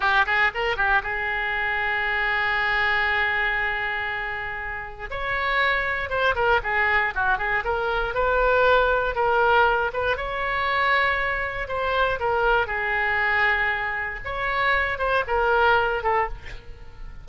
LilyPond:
\new Staff \with { instrumentName = "oboe" } { \time 4/4 \tempo 4 = 118 g'8 gis'8 ais'8 g'8 gis'2~ | gis'1~ | gis'2 cis''2 | c''8 ais'8 gis'4 fis'8 gis'8 ais'4 |
b'2 ais'4. b'8 | cis''2. c''4 | ais'4 gis'2. | cis''4. c''8 ais'4. a'8 | }